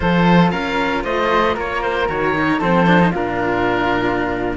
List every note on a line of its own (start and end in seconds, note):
0.00 0.52 F3
0.00 2.07 F4
0.00 0.51 A4
0.00 0.50 C5
0.50 1.04 C#4
0.50 1.03 A#4
0.50 1.03 F5
1.04 1.56 A3
1.04 1.54 C5
1.04 1.56 D#5
1.54 2.08 A#3
1.54 2.58 A#4
1.54 1.82 C#5
1.82 2.08 C5
2.08 2.60 D#3
2.08 2.34 F#4
2.08 2.61 C#5
2.35 2.61 D#4
2.58 3.13 F3
2.58 2.86 C4
2.58 3.11 A4
2.58 3.13 C5
2.86 2.98 D4
2.98 3.12 D#4
3.11 4.56 A#2
3.11 4.56 D4
3.11 4.55 F4
3.11 4.56 A#4